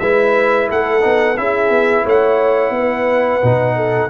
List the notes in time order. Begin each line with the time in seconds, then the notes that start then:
0.00 G#3 E4 B4 E5
0.69 A3 A4 F#5
1.01 B3 D#4
1.37 C#4 E4 G#4 E5
1.70 B3
2.04 A3 C#5 F#5
2.70 B3
2.77 B4
3.42 B2 D#4
3.76 A4